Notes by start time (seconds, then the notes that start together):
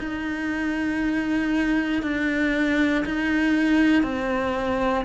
0.00 D#4
2.03 D4
3.06 D#4
4.04 C4